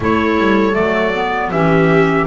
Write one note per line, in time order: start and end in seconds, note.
0.00 0.38 A3
0.00 0.73 E4
0.00 1.51 A4
0.00 0.74 C#5
0.38 0.76 G3
0.73 1.51 F#3
0.73 1.11 A3
0.73 1.50 D5
1.14 1.52 B3
1.51 2.27 E3
1.51 2.27 C#4
1.51 2.27 G4
1.51 2.27 E5